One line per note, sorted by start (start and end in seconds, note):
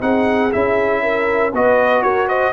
0.00 0.52 C4
0.00 0.50 D#4
0.00 1.02 G#4
0.00 0.52 F#5
0.51 1.52 C#4
0.51 1.52 E4
0.51 1.53 E5
1.02 1.52 A#4
1.52 2.02 B3
1.52 2.53 F#4
1.52 2.03 B4
1.52 2.02 D#5
2.02 2.52 F#4
2.02 2.28 A#4
2.02 2.27 C#5
2.28 2.53 C5
2.28 2.53 D#5